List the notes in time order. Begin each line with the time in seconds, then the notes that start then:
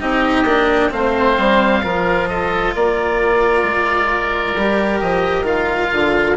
0.00 C4 D#4 G4 D#5
0.44 A#3 D4
0.90 A3 C4 C5 F5
1.38 G3
1.83 F3 F4 A#4
2.28 A4 D#5
2.75 A#3 A#4 D5
3.63 G#3
4.56 G3 G4
5.00 F3 D#5
5.43 D#3 F4 F5
5.92 D3